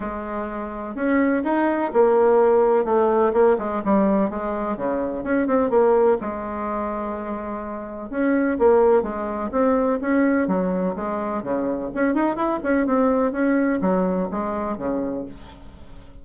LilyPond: \new Staff \with { instrumentName = "bassoon" } { \time 4/4 \tempo 4 = 126 gis2 cis'4 dis'4 | ais2 a4 ais8 gis8 | g4 gis4 cis4 cis'8 c'8 | ais4 gis2.~ |
gis4 cis'4 ais4 gis4 | c'4 cis'4 fis4 gis4 | cis4 cis'8 dis'8 e'8 cis'8 c'4 | cis'4 fis4 gis4 cis4 | }